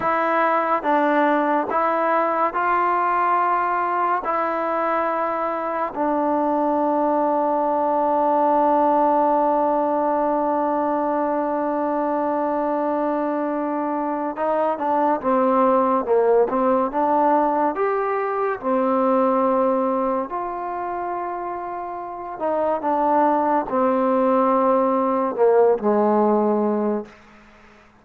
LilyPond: \new Staff \with { instrumentName = "trombone" } { \time 4/4 \tempo 4 = 71 e'4 d'4 e'4 f'4~ | f'4 e'2 d'4~ | d'1~ | d'1~ |
d'4 dis'8 d'8 c'4 ais8 c'8 | d'4 g'4 c'2 | f'2~ f'8 dis'8 d'4 | c'2 ais8 gis4. | }